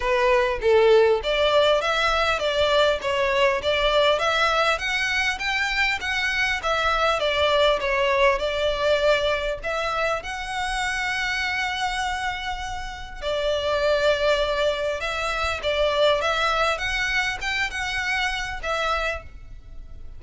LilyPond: \new Staff \with { instrumentName = "violin" } { \time 4/4 \tempo 4 = 100 b'4 a'4 d''4 e''4 | d''4 cis''4 d''4 e''4 | fis''4 g''4 fis''4 e''4 | d''4 cis''4 d''2 |
e''4 fis''2.~ | fis''2 d''2~ | d''4 e''4 d''4 e''4 | fis''4 g''8 fis''4. e''4 | }